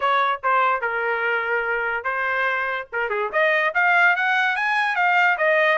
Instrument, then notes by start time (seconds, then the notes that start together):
trumpet
0.00 C#5
0.43 C5
0.81 A#4
2.04 C5
2.92 A#4
3.09 G#4
3.32 D#5
3.74 F5
4.16 F#5
4.56 G#5
4.95 F5
5.37 D#5